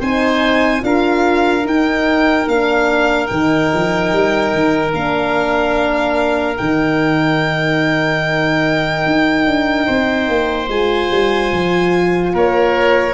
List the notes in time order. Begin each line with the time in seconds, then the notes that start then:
0.00 C4 D#4 C5 G#5
0.80 D4 F4 A#4 F5
1.65 D#4 G5
2.48 A#3 D4 F5
3.27 D#3 D#4 G5
3.74 F3
4.12 G3
4.53 D#3
4.92 A#3 D4 F5
6.57 D#3 D#4 G5
9.06 D#4
9.46 D4
9.86 C4 C5
10.28 A#3
10.69 G#3 F4 G#5
11.11 G3
11.53 F3
12.33 A#3 A#4 C#5